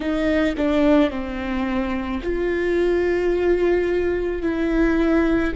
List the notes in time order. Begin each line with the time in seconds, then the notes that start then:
0.00 D#4
0.57 D4
1.10 C4
2.22 F4
4.41 E4